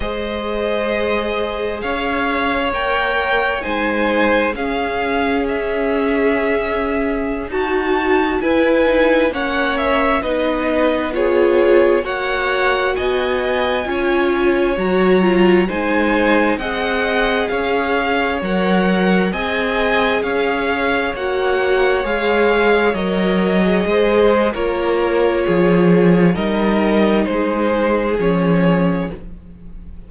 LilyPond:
<<
  \new Staff \with { instrumentName = "violin" } { \time 4/4 \tempo 4 = 66 dis''2 f''4 g''4 | gis''4 f''4 e''2~ | e''16 a''4 gis''4 fis''8 e''8 dis''8.~ | dis''16 cis''4 fis''4 gis''4.~ gis''16~ |
gis''16 ais''4 gis''4 fis''4 f''8.~ | f''16 fis''4 gis''4 f''4 fis''8.~ | fis''16 f''4 dis''4.~ dis''16 cis''4~ | cis''4 dis''4 c''4 cis''4 | }
  \new Staff \with { instrumentName = "violin" } { \time 4/4 c''2 cis''2 | c''4 gis'2.~ | gis'16 fis'4 b'4 cis''4 b'8.~ | b'16 gis'4 cis''4 dis''4 cis''8.~ |
cis''4~ cis''16 c''4 dis''4 cis''8.~ | cis''4~ cis''16 dis''4 cis''4.~ cis''16~ | cis''2~ cis''16 c''8. ais'4 | gis'4 ais'4 gis'2 | }
  \new Staff \with { instrumentName = "viola" } { \time 4/4 gis'2. ais'4 | dis'4 cis'2.~ | cis'16 fis'4 e'8 dis'8 cis'4 dis'8.~ | dis'16 f'4 fis'2 f'8.~ |
f'16 fis'8 f'8 dis'4 gis'4.~ gis'16~ | gis'16 ais'4 gis'2 fis'8.~ | fis'16 gis'4 ais'8. gis'4 f'4~ | f'4 dis'2 cis'4 | }
  \new Staff \with { instrumentName = "cello" } { \time 4/4 gis2 cis'4 ais4 | gis4 cis'2.~ | cis'16 dis'4 e'4 ais4 b8.~ | b4~ b16 ais4 b4 cis'8.~ |
cis'16 fis4 gis4 c'4 cis'8.~ | cis'16 fis4 c'4 cis'4 ais8.~ | ais16 gis4 fis4 gis8. ais4 | f4 g4 gis4 f4 | }
>>